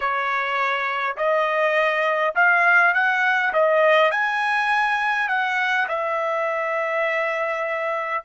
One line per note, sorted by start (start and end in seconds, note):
0.00 1.16 C#5
1.16 2.34 D#5
2.35 2.94 F5
2.94 3.52 F#5
3.53 4.11 D#5
4.11 5.28 G#5
5.28 5.87 F#5
5.88 8.24 E5